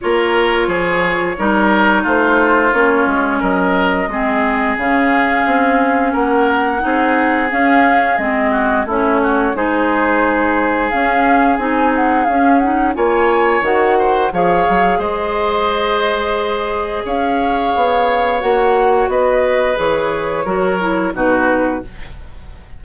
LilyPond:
<<
  \new Staff \with { instrumentName = "flute" } { \time 4/4 \tempo 4 = 88 cis''2. c''4 | cis''4 dis''2 f''4~ | f''4 fis''2 f''4 | dis''4 cis''4 c''2 |
f''4 gis''8 fis''8 f''8 fis''8 gis''4 | fis''4 f''4 dis''2~ | dis''4 f''2 fis''4 | dis''4 cis''2 b'4 | }
  \new Staff \with { instrumentName = "oboe" } { \time 4/4 ais'4 gis'4 ais'4 f'4~ | f'4 ais'4 gis'2~ | gis'4 ais'4 gis'2~ | gis'8 fis'8 e'8 fis'8 gis'2~ |
gis'2. cis''4~ | cis''8 c''8 cis''4 c''2~ | c''4 cis''2. | b'2 ais'4 fis'4 | }
  \new Staff \with { instrumentName = "clarinet" } { \time 4/4 f'2 dis'2 | cis'2 c'4 cis'4~ | cis'2 dis'4 cis'4 | c'4 cis'4 dis'2 |
cis'4 dis'4 cis'8 dis'8 f'4 | fis'4 gis'2.~ | gis'2. fis'4~ | fis'4 gis'4 fis'8 e'8 dis'4 | }
  \new Staff \with { instrumentName = "bassoon" } { \time 4/4 ais4 f4 g4 a4 | ais8 gis8 fis4 gis4 cis4 | c'4 ais4 c'4 cis'4 | gis4 a4 gis2 |
cis'4 c'4 cis'4 ais4 | dis4 f8 fis8 gis2~ | gis4 cis'4 b4 ais4 | b4 e4 fis4 b,4 | }
>>